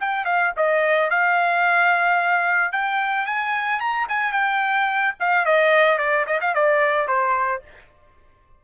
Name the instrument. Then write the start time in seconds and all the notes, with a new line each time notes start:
trumpet
0.00 G5
0.25 F5
0.57 D#5
1.10 F5
2.72 G5
3.26 G#5
3.80 A#5
4.09 G#5
4.32 G5
5.20 F5
5.45 D#5
5.98 D5
6.27 D#5
6.41 F5
6.55 D5
7.08 C5